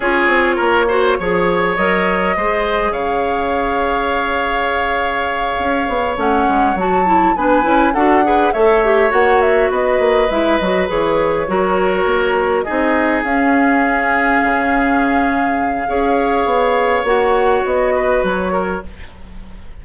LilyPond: <<
  \new Staff \with { instrumentName = "flute" } { \time 4/4 \tempo 4 = 102 cis''2. dis''4~ | dis''4 f''2.~ | f''2~ f''8 fis''4 a''8~ | a''8 gis''4 fis''4 e''4 fis''8 |
e''8 dis''4 e''8 dis''8 cis''4.~ | cis''4. dis''4 f''4.~ | f''1~ | f''4 fis''4 dis''4 cis''4 | }
  \new Staff \with { instrumentName = "oboe" } { \time 4/4 gis'4 ais'8 c''8 cis''2 | c''4 cis''2.~ | cis''1~ | cis''8 b'4 a'8 b'8 cis''4.~ |
cis''8 b'2. ais'8~ | ais'4. gis'2~ gis'8~ | gis'2. cis''4~ | cis''2~ cis''8 b'4 ais'8 | }
  \new Staff \with { instrumentName = "clarinet" } { \time 4/4 f'4. fis'8 gis'4 ais'4 | gis'1~ | gis'2~ gis'8 cis'4 fis'8 | e'8 d'8 e'8 fis'8 gis'8 a'8 g'8 fis'8~ |
fis'4. e'8 fis'8 gis'4 fis'8~ | fis'4. dis'4 cis'4.~ | cis'2. gis'4~ | gis'4 fis'2. | }
  \new Staff \with { instrumentName = "bassoon" } { \time 4/4 cis'8 c'8 ais4 f4 fis4 | gis4 cis2.~ | cis4. cis'8 b8 a8 gis8 fis8~ | fis8 b8 cis'8 d'4 a4 ais8~ |
ais8 b8 ais8 gis8 fis8 e4 fis8~ | fis8 ais4 c'4 cis'4.~ | cis'8 cis2~ cis8 cis'4 | b4 ais4 b4 fis4 | }
>>